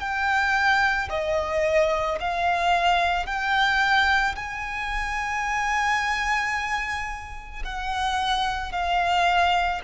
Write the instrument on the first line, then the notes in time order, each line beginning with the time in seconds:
violin
0.00 G5
1.10 D#5
2.20 F5
3.26 G5
4.35 G#5
7.65 F#5
8.72 F5